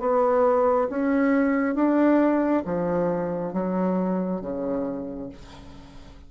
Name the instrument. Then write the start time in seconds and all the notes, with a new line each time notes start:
bassoon
0.00 B3
0.89 C#4
1.75 D4
2.65 F3
3.53 F#3
4.41 C#3